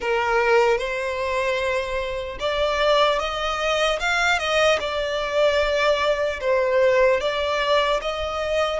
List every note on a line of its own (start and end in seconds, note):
0.00 0.77 A#4
0.77 2.37 C5
2.39 3.19 D5
3.19 3.99 D#5
3.99 4.39 F5
4.39 4.79 D#5
4.80 6.40 D5
6.40 7.20 C5
7.20 8.00 D5
8.01 8.80 D#5